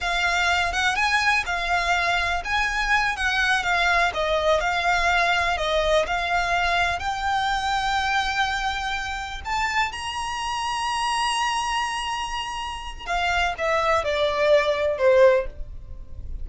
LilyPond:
\new Staff \with { instrumentName = "violin" } { \time 4/4 \tempo 4 = 124 f''4. fis''8 gis''4 f''4~ | f''4 gis''4. fis''4 f''8~ | f''8 dis''4 f''2 dis''8~ | dis''8 f''2 g''4.~ |
g''2.~ g''8 a''8~ | a''8 ais''2.~ ais''8~ | ais''2. f''4 | e''4 d''2 c''4 | }